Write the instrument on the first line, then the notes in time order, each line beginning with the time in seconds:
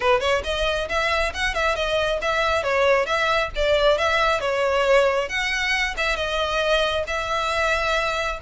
violin
0.00 B4
0.20 C#5
0.44 D#5
0.88 E5
1.34 F#5
1.54 E5
1.75 D#5
2.21 E5
2.63 C#5
3.06 E5
3.55 D5
3.98 E5
4.40 C#5
5.28 F#5
5.97 E5
6.15 D#5
7.07 E5